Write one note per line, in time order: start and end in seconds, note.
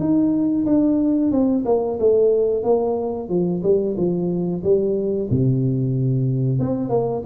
0.00 0.66 D#4
0.66 1.32 D4
1.32 1.65 C4
1.66 1.99 A#3
2.00 2.64 A3
2.64 3.30 A#3
3.30 3.63 F3
3.64 3.97 G3
3.98 4.64 F3
4.64 5.30 G3
5.30 6.60 C3
6.60 6.90 C4
6.90 7.23 A#3